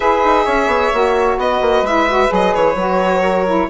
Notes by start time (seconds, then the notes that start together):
0.00 E4 G#4 B4 E5
0.24 D#4
0.44 C#4 C#5
0.66 B3
0.92 A#3 F#4
1.37 B3 B4 D#5
1.61 A#3
1.82 G#3 E4 E5
2.09 F#4
2.28 F#3 G#4
2.34 D#5
2.54 E3 C#5
2.75 F#3 F#4
3.21 A#4
3.46 E4